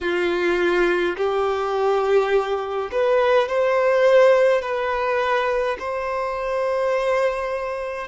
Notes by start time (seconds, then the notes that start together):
0.00 F4
1.16 G4
2.91 B4
3.48 C5
4.62 B4
5.79 C5